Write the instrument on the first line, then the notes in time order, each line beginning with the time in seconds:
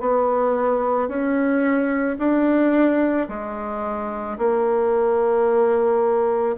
bassoon
0.00 B3
1.08 C#4
2.19 D4
3.28 G#3
4.37 A#3